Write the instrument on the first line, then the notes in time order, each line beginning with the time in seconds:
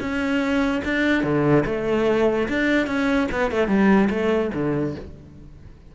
cello
0.00 C#4
0.85 D4
1.23 D3
1.66 A3
2.49 D4
2.87 C#4
3.32 B3
3.52 A3
3.68 G3
4.10 A3
4.54 D3